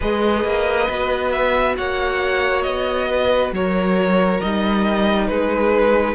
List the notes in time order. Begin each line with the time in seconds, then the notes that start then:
0.00 G#3 G#4 B4 D#5
0.44 A#3
0.89 B3 F#4
1.31 E5
1.76 A#3 C#5 F#5
2.62 B3 D#5
3.10 B4
3.51 F#3 A#4 C#5
4.40 G3 D#4 D#5
5.27 G#3 G#4 B4